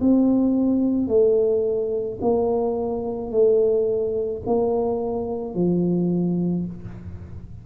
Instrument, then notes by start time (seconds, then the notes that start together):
tuba
0.00 C4
1.07 A3
2.21 A#3
3.31 A3
4.45 A#3
5.54 F3